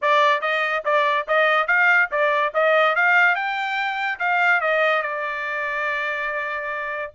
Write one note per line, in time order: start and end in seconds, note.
0.01 0.41 D5
0.41 0.83 D#5
0.84 1.26 D5
1.27 1.67 D#5
1.67 2.09 F5
2.11 2.53 D5
2.54 2.95 D#5
2.95 3.35 F5
3.35 4.18 G5
4.19 4.60 F5
4.60 5.02 D#5
5.02 7.12 D5